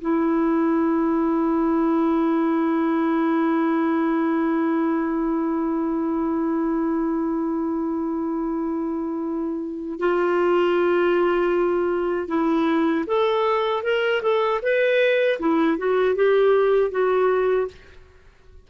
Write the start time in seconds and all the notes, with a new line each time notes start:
0.00 E4
9.99 F4
12.28 E4
13.06 A4
13.83 A#4
14.22 A4
14.62 B4
15.39 E4
15.77 F#4
16.15 G4
16.91 F#4